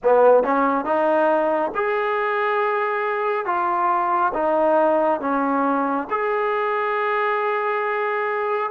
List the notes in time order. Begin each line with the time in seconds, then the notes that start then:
0.03 B3
0.43 C#4
0.85 D#4
1.74 G#4
3.45 F4
4.33 D#4
5.20 C#4
6.09 G#4